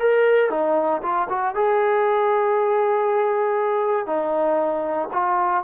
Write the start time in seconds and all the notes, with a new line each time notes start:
0.00 A#4
0.51 D#4
1.03 F4
1.30 F#4
1.55 G#4
4.07 D#4
5.13 F4